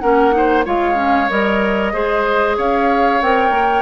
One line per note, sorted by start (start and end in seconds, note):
0.00 0.66 A#3
0.00 0.32 C#4
0.00 0.34 A#4
0.00 0.64 F#5
0.32 0.63 D#4
0.32 0.65 C5
0.65 1.30 G#3
0.65 0.95 F4
0.65 1.93 C#5
0.65 1.30 F5
0.95 1.27 C#4
1.30 1.94 G3
1.30 1.93 A#4
1.30 2.57 D#5
1.93 2.57 G#3
1.93 3.21 G#4
1.93 2.57 C5
2.57 3.21 C#4
2.57 3.82 C#5
2.57 3.21 F5
3.21 3.50 C4
3.21 3.82 A#4
3.21 3.82 G5
3.50 3.82 A#3